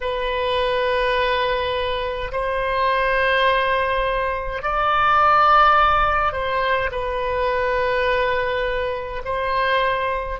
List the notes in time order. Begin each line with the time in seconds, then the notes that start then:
0.01 B4
2.31 C5
4.62 D5
6.32 C5
6.91 B4
9.25 C5